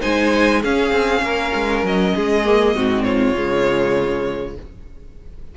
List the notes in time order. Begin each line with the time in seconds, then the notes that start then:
0.00 G#3 D#4 C5 G#5
0.62 C#4 G#4 F5
0.91 C4
1.22 A#3 A#4
1.54 G#3
1.83 F#3 D#5
2.15 G#3 G#4
2.45 A#3
2.75 G#2 C4 F#4
3.03 F4 C#5
3.34 C#3 G#3